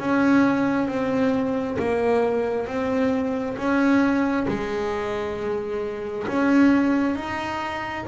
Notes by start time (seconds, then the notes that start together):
0.00 C#4
0.88 C4
1.80 A#3
2.67 C4
3.58 C#4
4.48 G#3
6.28 C#4
7.16 D#4